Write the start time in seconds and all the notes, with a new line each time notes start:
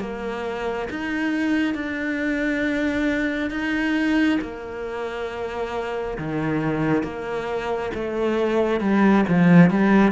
0.00 A#3
0.90 D#4
1.74 D4
3.50 D#4
4.41 A#3
6.18 D#3
7.03 A#3
7.94 A3
8.80 G3
9.28 F3
9.70 G3